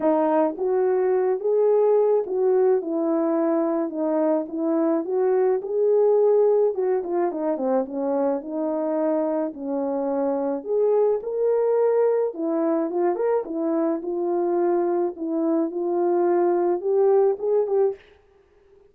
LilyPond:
\new Staff \with { instrumentName = "horn" } { \time 4/4 \tempo 4 = 107 dis'4 fis'4. gis'4. | fis'4 e'2 dis'4 | e'4 fis'4 gis'2 | fis'8 f'8 dis'8 c'8 cis'4 dis'4~ |
dis'4 cis'2 gis'4 | ais'2 e'4 f'8 ais'8 | e'4 f'2 e'4 | f'2 g'4 gis'8 g'8 | }